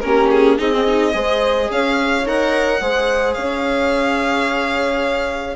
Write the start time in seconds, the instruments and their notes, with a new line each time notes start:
0.00 bassoon A#3, viola C#4, horn G4, violin A#4
0.30 violin G#4
0.57 bassoon C4, viola D#4, horn G#4, violin D#5
0.71 viola C4
0.87 viola D#4
1.12 bassoon G#3, viola G#4, horn C5
1.70 bassoon C#4, horn C#5, violin F5
2.26 bassoon D#4, viola A#4, violin F#5
2.81 bassoon G#3, viola G#4, horn C5
3.34 bassoon C#4, horn C#5, violin F5